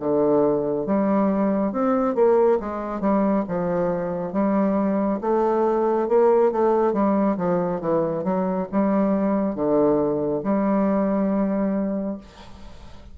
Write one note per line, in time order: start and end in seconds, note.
0.00 0.87 D3
0.87 1.72 G3
1.72 2.15 C4
2.15 2.59 A#3
2.60 3.01 G#3
3.01 3.44 G3
3.48 4.33 F3
4.33 5.20 G3
5.21 6.08 A3
6.09 6.52 A#3
6.52 6.93 A3
6.93 7.37 G3
7.37 7.81 F3
7.81 8.24 E3
8.24 8.68 F#3
8.72 9.55 G3
9.55 10.42 D3
10.44 12.18 G3